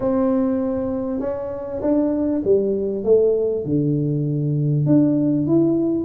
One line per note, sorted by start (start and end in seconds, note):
0.00 1.20 C4
1.20 1.80 C#4
1.81 2.42 D4
2.44 3.04 G3
3.04 3.64 A3
3.64 4.86 D3
4.86 5.46 D4
5.47 6.04 E4